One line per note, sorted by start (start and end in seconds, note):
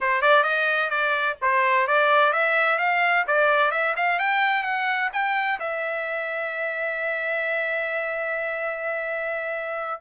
0.01 0.21 C5
0.21 0.43 D5
0.43 0.89 D#5
0.89 1.36 D5
1.41 1.87 C5
1.87 2.32 D5
2.32 2.78 E5
2.78 3.25 F5
3.27 3.71 D5
3.71 3.94 E5
3.96 4.19 F5
4.19 4.63 G5
4.63 5.09 F#5
5.12 5.59 G5
5.59 10.00 E5